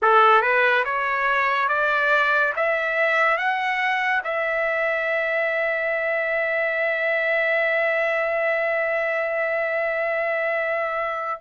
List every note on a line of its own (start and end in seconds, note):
0.02 0.41 A4
0.41 0.84 B4
0.85 1.68 C#5
1.68 2.53 D5
2.55 3.37 E5
3.37 4.22 F#5
4.24 11.40 E5